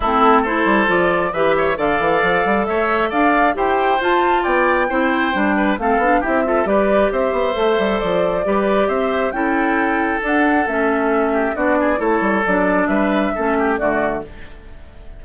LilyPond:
<<
  \new Staff \with { instrumentName = "flute" } { \time 4/4 \tempo 4 = 135 a'4 c''4 d''4 e''4 | f''2 e''4 f''4 | g''4 a''4 g''2~ | g''4 f''4 e''4 d''4 |
e''2 d''2 | e''4 g''2 fis''4 | e''2 d''4 cis''4 | d''4 e''2 d''4 | }
  \new Staff \with { instrumentName = "oboe" } { \time 4/4 e'4 a'2 b'8 cis''8 | d''2 cis''4 d''4 | c''2 d''4 c''4~ | c''8 b'8 a'4 g'8 a'8 b'4 |
c''2. b'4 | c''4 a'2.~ | a'4. g'8 fis'8 gis'8 a'4~ | a'4 b'4 a'8 g'8 fis'4 | }
  \new Staff \with { instrumentName = "clarinet" } { \time 4/4 c'4 e'4 f'4 g'4 | a'1 | g'4 f'2 e'4 | d'4 c'8 d'8 e'8 f'8 g'4~ |
g'4 a'2 g'4~ | g'4 e'2 d'4 | cis'2 d'4 e'4 | d'2 cis'4 a4 | }
  \new Staff \with { instrumentName = "bassoon" } { \time 4/4 a4. g8 f4 e4 | d8 e8 f8 g8 a4 d'4 | e'4 f'4 b4 c'4 | g4 a8 b8 c'4 g4 |
c'8 b8 a8 g8 f4 g4 | c'4 cis'2 d'4 | a2 b4 a8 g8 | fis4 g4 a4 d4 | }
>>